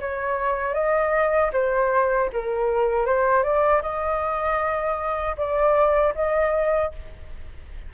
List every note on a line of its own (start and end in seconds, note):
0.00 0.74 C#5
0.74 1.51 D#5
1.53 2.30 C5
2.33 3.06 A#4
3.06 3.43 C5
3.43 3.82 D5
3.82 5.36 D#5
5.37 6.14 D5
6.15 6.92 D#5